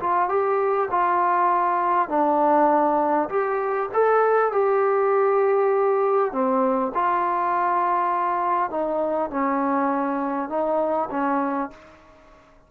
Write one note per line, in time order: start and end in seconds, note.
0.00 0.29 F4
0.29 0.89 G4
0.91 2.09 F4
2.09 3.29 D4
3.29 3.89 G4
3.93 4.52 A4
4.52 6.32 G4
6.32 6.92 C4
6.94 8.70 F4
8.70 9.30 D#4
9.30 10.49 C#4
10.49 11.09 D#4
11.10 11.70 C#4